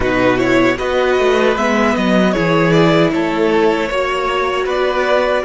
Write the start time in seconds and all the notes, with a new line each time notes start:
0.00 B2 D#4 F#4 B4
0.37 E4 C#5
0.77 B3 F#4 B4 D#5
1.19 A3
1.56 G#3 B3 E5
1.95 F#3 D#5
2.32 E3 E4 G#4 C#5
2.71 D5
3.11 A3 A4 C#5
3.88 A#3 F#4 C#5
4.65 B3 B4 D5